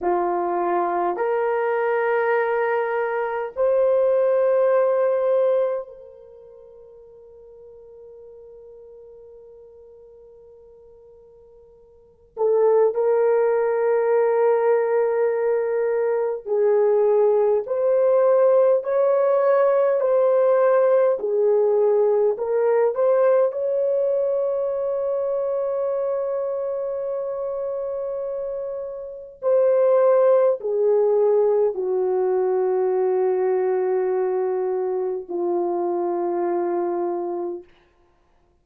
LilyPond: \new Staff \with { instrumentName = "horn" } { \time 4/4 \tempo 4 = 51 f'4 ais'2 c''4~ | c''4 ais'2.~ | ais'2~ ais'8 a'8 ais'4~ | ais'2 gis'4 c''4 |
cis''4 c''4 gis'4 ais'8 c''8 | cis''1~ | cis''4 c''4 gis'4 fis'4~ | fis'2 f'2 | }